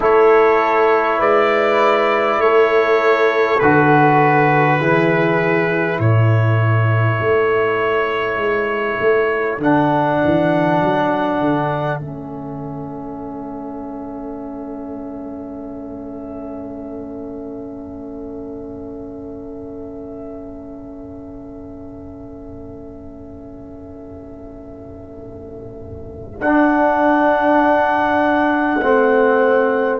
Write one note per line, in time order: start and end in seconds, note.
0.00 1.19 A3
0.00 3.58 E4
0.00 1.19 A4
0.00 1.20 C#5
1.19 2.38 G#3
1.19 2.39 B4
1.19 2.40 D5
2.38 3.58 A3
2.38 4.79 A4
2.38 3.59 C#5
3.59 4.80 D3
3.59 4.80 F#4
3.59 5.99 B4
4.79 5.99 E3
4.79 9.60 E4
4.79 5.99 G#4
5.99 7.19 A2
5.99 29.99 A4
5.99 9.59 C#5
7.19 8.36 A3
8.36 8.96 G#3
9.00 9.58 A3
9.58 10.18 D3
9.58 12.00 D4
9.58 11.99 F#5
10.23 10.80 E3
10.80 11.40 F#3
11.40 12.00 D3
11.99 26.40 A3
11.99 26.39 C#4
11.99 26.39 E5
26.40 28.80 D4
26.40 29.99 F#5
28.82 29.99 A3
28.82 29.99 C4